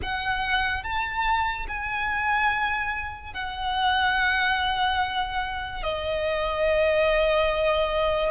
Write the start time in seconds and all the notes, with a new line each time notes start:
0.02 F#5
0.83 A5
1.67 G#5
3.33 F#5
5.83 D#5